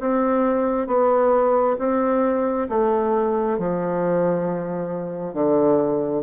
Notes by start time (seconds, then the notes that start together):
0.00 C4
0.87 B3
1.78 C4
2.69 A3
3.58 F3
5.34 D3